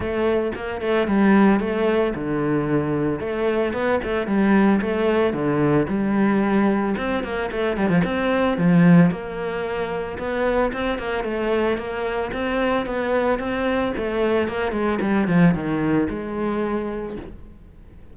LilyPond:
\new Staff \with { instrumentName = "cello" } { \time 4/4 \tempo 4 = 112 a4 ais8 a8 g4 a4 | d2 a4 b8 a8 | g4 a4 d4 g4~ | g4 c'8 ais8 a8 g16 f16 c'4 |
f4 ais2 b4 | c'8 ais8 a4 ais4 c'4 | b4 c'4 a4 ais8 gis8 | g8 f8 dis4 gis2 | }